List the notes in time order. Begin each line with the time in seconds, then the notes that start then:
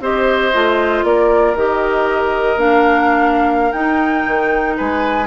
0.00 C4 G4 C5 D#5
0.53 A3 F4
1.03 A#3 A#4 D5
1.54 D#3 G4 D#5
2.56 A#3 D4 F5
3.72 D#4 G5
4.26 D#3
4.76 G#3 B4 G#5